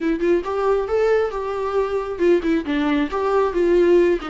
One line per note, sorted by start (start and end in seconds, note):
0.00 0.20 E4
0.20 0.42 F4
0.44 0.88 G4
0.88 1.30 A4
1.30 2.18 G4
2.18 2.40 F4
2.42 2.64 E4
2.65 3.09 D4
3.11 3.53 G4
3.53 4.19 F4
4.21 4.29 D#4